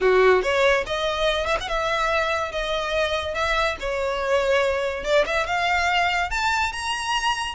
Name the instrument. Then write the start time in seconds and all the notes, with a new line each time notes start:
violin
0.00 F#4
0.42 C#5
0.86 D#5
1.46 E5
1.60 F#5
1.68 E5
2.51 D#5
3.34 E5
3.80 C#5
5.04 D5
5.26 E5
5.46 F5
6.30 A5
6.72 A#5